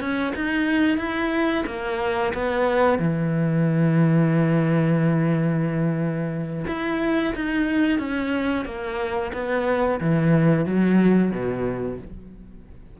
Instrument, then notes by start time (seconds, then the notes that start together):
cello
0.00 C#4
0.35 D#4
0.98 E4
1.66 A#3
2.34 B3
2.98 E3
6.67 E4
7.35 D#4
7.99 C#4
8.65 A#3
9.33 B3
10.00 E3
10.66 F#3
11.32 B2